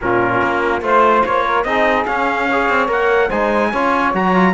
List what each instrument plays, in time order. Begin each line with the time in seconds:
0.01 cello A#2, trombone C#4, saxophone F4, trumpet A#4
0.41 cello A#3
0.81 cello A3, trombone F4, saxophone C5, trumpet C5
1.24 cello A#3, trumpet C#5
1.44 saxophone A#4
1.63 cello C4, trombone D#4, saxophone G#4, trumpet D#5
2.06 cello C#4, trombone C#4, trumpet F5
2.47 trombone G#4, saxophone C#5
2.69 cello C4
2.87 cello A#3, trombone A#4, trumpet F#5
3.27 cello G#3, trombone D#4, saxophone C5, trumpet G#5
3.71 cello C#4, trombone F4, saxophone C#5
4.14 cello F#3, trombone F#4, trumpet A#5
4.34 trombone F4